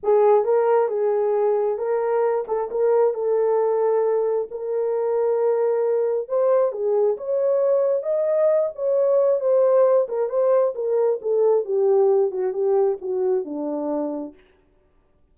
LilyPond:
\new Staff \with { instrumentName = "horn" } { \time 4/4 \tempo 4 = 134 gis'4 ais'4 gis'2 | ais'4. a'8 ais'4 a'4~ | a'2 ais'2~ | ais'2 c''4 gis'4 |
cis''2 dis''4. cis''8~ | cis''4 c''4. ais'8 c''4 | ais'4 a'4 g'4. fis'8 | g'4 fis'4 d'2 | }